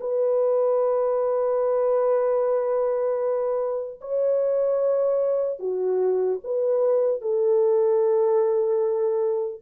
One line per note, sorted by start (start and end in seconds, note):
0.00 4.00 B4
4.01 5.60 C#5
5.60 6.40 F#4
6.44 7.21 B4
7.21 9.61 A4